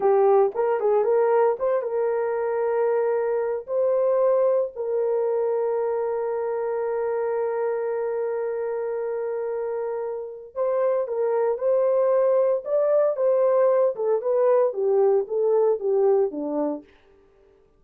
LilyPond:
\new Staff \with { instrumentName = "horn" } { \time 4/4 \tempo 4 = 114 g'4 ais'8 gis'8 ais'4 c''8 ais'8~ | ais'2. c''4~ | c''4 ais'2.~ | ais'1~ |
ais'1 | c''4 ais'4 c''2 | d''4 c''4. a'8 b'4 | g'4 a'4 g'4 d'4 | }